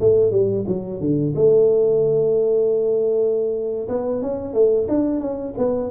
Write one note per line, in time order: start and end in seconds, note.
0.00 0.31 A3
0.31 0.65 G3
0.67 1.00 F#3
1.00 1.34 D3
1.35 3.88 A3
3.88 4.22 B3
4.22 4.54 C#4
4.54 4.87 A3
4.88 5.20 D4
5.20 5.54 C#4
5.57 5.91 B3